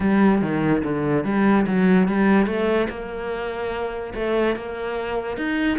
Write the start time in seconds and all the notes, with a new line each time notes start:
0.00 G3
0.41 D#3
0.83 D3
1.24 G3
1.66 F#3
2.08 G3
2.46 A3
2.89 A#3
4.14 A3
4.55 A#3
5.37 D#4